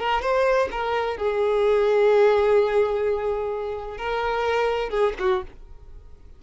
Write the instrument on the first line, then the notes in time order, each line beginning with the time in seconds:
violin
0.00 A#4
0.22 C5
0.72 A#4
1.17 G#4
3.98 A#4
4.90 G#4
5.19 F#4